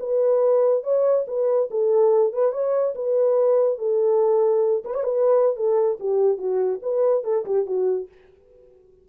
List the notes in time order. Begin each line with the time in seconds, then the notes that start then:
0.00 B4
0.84 C#5
1.28 B4
1.71 A4
2.33 B4
2.53 C#5
2.95 B4
3.79 A4
4.85 B4
4.95 C#5
5.04 B4
5.57 A4
6.00 G4
6.38 F#4
6.83 B4
7.24 A4
7.46 G4
7.66 F#4